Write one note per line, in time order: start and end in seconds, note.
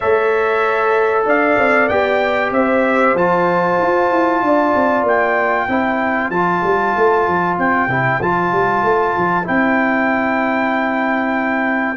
0.00 1.25 A3
0.00 1.90 A4
0.00 1.25 C#5
0.00 1.24 E5
1.25 1.56 D4
1.25 2.53 D5
1.25 1.88 F5
1.57 1.89 C4
1.88 2.51 B3
1.88 3.16 G4
1.88 2.51 G5
2.51 3.14 C4
2.51 4.44 C5
2.51 3.16 E5
3.14 3.77 F3
3.14 5.68 F4
3.14 5.06 A5
3.80 4.10 F4
4.10 4.42 E4
4.42 4.74 D4
4.42 5.69 D5
4.75 5.03 C4
5.03 5.66 A#3
5.03 6.30 G5
5.68 6.30 C4
5.68 6.32 E4
5.68 11.97 C5
6.30 6.61 F3
6.30 7.89 F4
6.30 7.56 A5
6.62 6.94 G3
6.96 7.27 A3
7.27 7.57 F3
7.57 7.87 C4
7.57 8.21 G5
7.87 8.19 C3
7.87 8.20 E4
8.20 8.52 F3
8.20 9.43 F4
8.20 9.47 A5
8.52 8.83 G3
8.83 9.14 A3
9.16 9.48 F3
9.43 11.97 C4
9.43 11.96 E4
9.43 11.97 G5